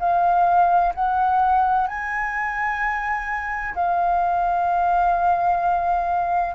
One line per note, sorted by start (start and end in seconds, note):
0.00 0.94 F5
0.95 1.87 F#5
1.87 3.75 G#5
3.75 6.55 F5